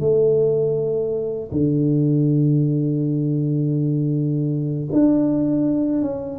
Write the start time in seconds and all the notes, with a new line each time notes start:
0.00 A3
1.52 D3
4.93 D4
6.02 C#4